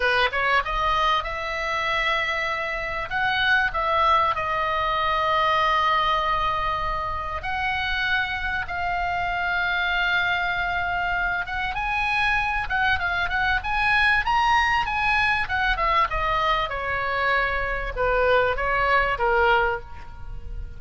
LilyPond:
\new Staff \with { instrumentName = "oboe" } { \time 4/4 \tempo 4 = 97 b'8 cis''8 dis''4 e''2~ | e''4 fis''4 e''4 dis''4~ | dis''1 | fis''2 f''2~ |
f''2~ f''8 fis''8 gis''4~ | gis''8 fis''8 f''8 fis''8 gis''4 ais''4 | gis''4 fis''8 e''8 dis''4 cis''4~ | cis''4 b'4 cis''4 ais'4 | }